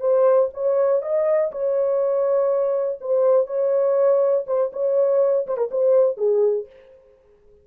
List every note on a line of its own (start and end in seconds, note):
0.00 0.49 C5
0.54 1.02 C#5
1.02 1.51 D#5
1.52 2.99 C#5
3.01 3.47 C5
3.47 4.45 C#5
4.47 4.71 C5
4.73 5.47 C#5
5.47 5.57 C5
5.57 5.70 A#4
5.71 6.17 C5
6.17 6.67 G#4